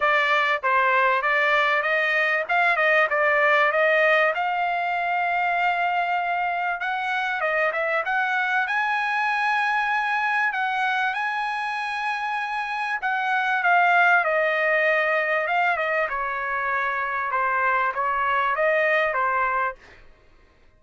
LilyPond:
\new Staff \with { instrumentName = "trumpet" } { \time 4/4 \tempo 4 = 97 d''4 c''4 d''4 dis''4 | f''8 dis''8 d''4 dis''4 f''4~ | f''2. fis''4 | dis''8 e''8 fis''4 gis''2~ |
gis''4 fis''4 gis''2~ | gis''4 fis''4 f''4 dis''4~ | dis''4 f''8 dis''8 cis''2 | c''4 cis''4 dis''4 c''4 | }